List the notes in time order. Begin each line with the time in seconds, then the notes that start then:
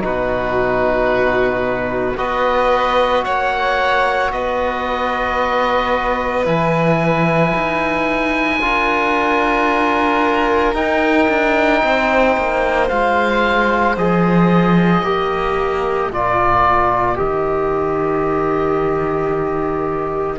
0.00 B2 D#4 F#4 B4
2.17 B3 F#4 B4 D#5
3.24 A#3 C#5 F#5
4.32 B3 B4 D#5
6.45 E3 E4 G#5
7.54 D#4
8.61 D4 F4 A#4
10.74 D#4 G5
11.29 D4
11.83 C4 C5
12.36 A#3
12.88 G#3 F4 F5
13.97 F3 G#4 D#5
15.03 A#3 G4 A#4
16.10 A#2 F4 D5
17.15 D#3 G4 D#5